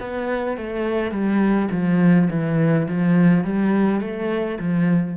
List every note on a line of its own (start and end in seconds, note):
0.00 0.58 B3
0.58 1.11 A3
1.11 1.69 G3
1.72 2.29 F3
2.30 2.88 E3
2.88 3.44 F3
3.44 4.01 G3
4.01 4.58 A3
4.59 5.17 F3